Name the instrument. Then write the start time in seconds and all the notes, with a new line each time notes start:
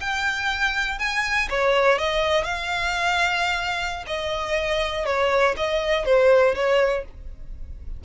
violin
0.00 G5
0.99 G#5
1.50 C#5
1.98 D#5
2.44 F5
4.07 D#5
5.06 C#5
5.56 D#5
6.05 C5
6.55 C#5